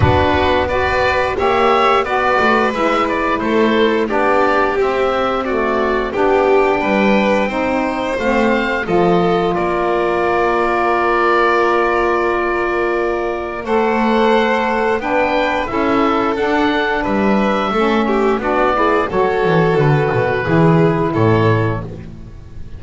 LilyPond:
<<
  \new Staff \with { instrumentName = "oboe" } { \time 4/4 \tempo 4 = 88 b'4 d''4 e''4 d''4 | e''8 d''8 c''4 d''4 e''4 | d''4 g''2. | f''4 dis''4 d''2~ |
d''1 | fis''2 g''4 e''4 | fis''4 e''2 d''4 | cis''4 b'2 cis''4 | }
  \new Staff \with { instrumentName = "violin" } { \time 4/4 fis'4 b'4 cis''4 b'4~ | b'4 a'4 g'2 | fis'4 g'4 b'4 c''4~ | c''4 a'4 ais'2~ |
ais'1 | c''2 b'4 a'4~ | a'4 b'4 a'8 g'8 fis'8 gis'8 | a'2 gis'4 a'4 | }
  \new Staff \with { instrumentName = "saxophone" } { \time 4/4 d'4 fis'4 g'4 fis'4 | e'2 d'4 c'4 | a4 d'2 dis'4 | c'4 f'2.~ |
f'1 | a'2 d'4 e'4 | d'2 cis'4 d'8 e'8 | fis'2 e'2 | }
  \new Staff \with { instrumentName = "double bass" } { \time 4/4 b2 ais4 b8 a8 | gis4 a4 b4 c'4~ | c'4 b4 g4 c'4 | a4 f4 ais2~ |
ais1 | a2 b4 cis'4 | d'4 g4 a4 b4 | fis8 e8 d8 b,8 e4 a,4 | }
>>